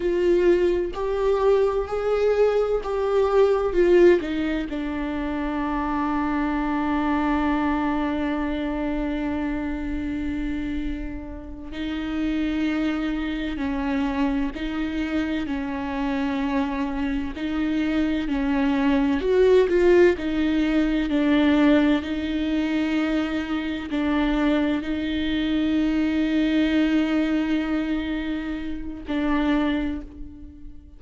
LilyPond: \new Staff \with { instrumentName = "viola" } { \time 4/4 \tempo 4 = 64 f'4 g'4 gis'4 g'4 | f'8 dis'8 d'2.~ | d'1~ | d'8 dis'2 cis'4 dis'8~ |
dis'8 cis'2 dis'4 cis'8~ | cis'8 fis'8 f'8 dis'4 d'4 dis'8~ | dis'4. d'4 dis'4.~ | dis'2. d'4 | }